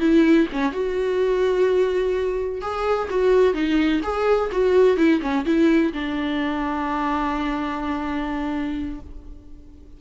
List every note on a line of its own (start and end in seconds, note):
0.00 0.47 E4
0.52 0.73 C#4
0.73 2.61 F#4
2.61 3.09 G#4
3.10 3.54 F#4
3.54 4.01 D#4
4.03 4.51 G#4
4.52 4.97 F#4
4.97 5.21 E4
5.21 5.45 C#4
5.45 5.93 E4
5.93 9.00 D4